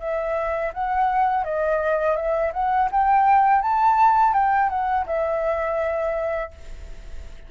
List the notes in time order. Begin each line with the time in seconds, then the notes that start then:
0.00 E5
0.74 F#5
1.44 D#5
2.16 E5
2.53 F#5
2.91 G5
3.62 A5
4.34 G5
4.70 F#5
5.07 E5